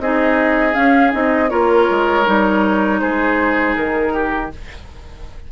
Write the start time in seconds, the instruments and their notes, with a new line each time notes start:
0.00 bassoon C4, clarinet D#4, oboe G#4, flute D#5
0.73 clarinet C#4, bassoon C#4, flute F5
1.12 bassoon C4, clarinet D#4, flute D#5
1.49 bassoon A#3, clarinet F4, oboe A#4, flute C#5
1.90 bassoon G#3
2.25 bassoon G3, clarinet D#4
3.00 bassoon G#3, oboe G#4, flute C5
3.76 bassoon D#3, flute A#4
4.14 oboe G4